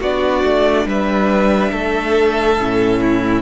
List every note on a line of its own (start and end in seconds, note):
0.00 0.43 B3
0.00 2.59 D4
0.00 0.86 F#4
0.00 0.88 D5
0.43 0.86 A3
0.86 1.71 G3
0.86 1.71 B4
0.86 3.42 E5
1.71 2.57 A3
1.71 3.00 A4
2.58 3.42 A2
2.58 3.42 C#4
3.02 3.42 E4